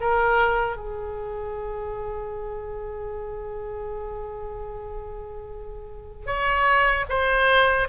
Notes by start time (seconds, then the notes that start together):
0.00 A#4
0.76 G#4
6.26 C#5
7.09 C5